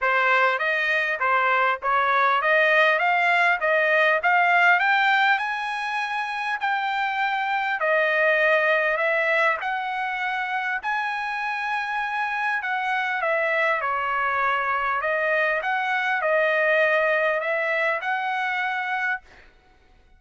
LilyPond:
\new Staff \with { instrumentName = "trumpet" } { \time 4/4 \tempo 4 = 100 c''4 dis''4 c''4 cis''4 | dis''4 f''4 dis''4 f''4 | g''4 gis''2 g''4~ | g''4 dis''2 e''4 |
fis''2 gis''2~ | gis''4 fis''4 e''4 cis''4~ | cis''4 dis''4 fis''4 dis''4~ | dis''4 e''4 fis''2 | }